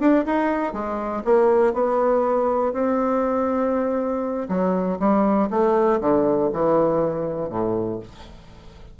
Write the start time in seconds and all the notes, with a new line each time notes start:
0.00 D4
0.26 D#4
0.73 G#3
1.25 A#3
1.74 B3
2.73 C4
4.49 F#3
5.00 G3
5.51 A3
6.01 D3
6.53 E3
7.50 A2